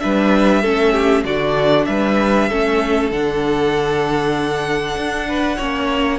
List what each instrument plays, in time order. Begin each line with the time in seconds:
0.00 cello G3, viola D4, violin B4 E5
0.62 cello A3, viola C#4, violin A4
0.93 violin G4
1.25 cello D3, viola D4, violin F#4 D5
1.86 cello G3, violin B4 E5
2.49 cello A3, viola C#4, violin A4
3.11 cello D3, viola D4, violin F#5
4.96 cello D4
5.28 violin B4
5.57 cello A#3, viola C#4, violin C#5